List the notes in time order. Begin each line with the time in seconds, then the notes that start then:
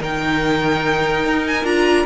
0.00 D#3 D#4 A#4 G5
1.24 D#4
1.47 G#5
1.64 D4 F4 A#5